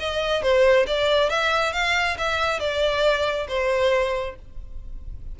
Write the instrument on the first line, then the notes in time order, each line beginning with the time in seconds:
violin
0.00 D#5
0.43 C5
0.87 D5
1.30 E5
1.73 F5
2.18 E5
2.60 D5
3.48 C5